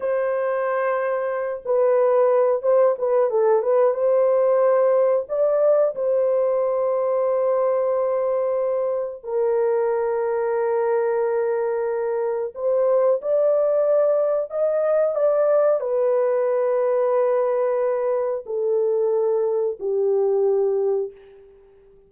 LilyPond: \new Staff \with { instrumentName = "horn" } { \time 4/4 \tempo 4 = 91 c''2~ c''8 b'4. | c''8 b'8 a'8 b'8 c''2 | d''4 c''2.~ | c''2 ais'2~ |
ais'2. c''4 | d''2 dis''4 d''4 | b'1 | a'2 g'2 | }